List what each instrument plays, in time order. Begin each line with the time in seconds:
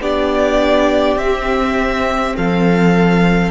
0.00 cello B3, viola D4, violin G4 D5
1.16 cello C4, viola C4, violin E5
2.37 cello F3, violin A4 F5